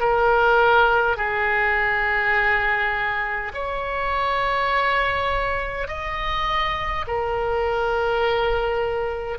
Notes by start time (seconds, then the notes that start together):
0.00 A#4
1.18 G#4
3.55 C#5
5.88 D#5
7.07 A#4